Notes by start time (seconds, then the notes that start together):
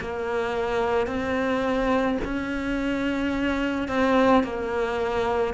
0.00 A#3
1.07 C4
2.24 C#4
3.88 C4
4.43 A#3